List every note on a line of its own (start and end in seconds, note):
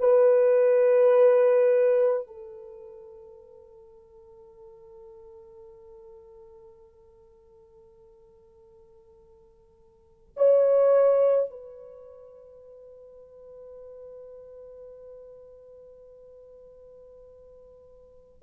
0.00 2.27 B4
2.27 10.35 A4
10.36 11.50 C#5
11.50 18.42 B4